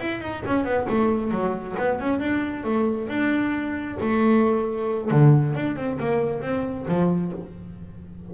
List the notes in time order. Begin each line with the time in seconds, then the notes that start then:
0.00 E4
0.21 D#4
0.46 C#4
0.64 B3
0.89 A3
1.32 F#3
1.78 B3
2.00 C#4
2.20 D4
2.64 A3
3.09 D4
4.01 A3
5.11 D3
5.55 D4
5.76 C4
6.00 A#3
6.42 C4
6.88 F3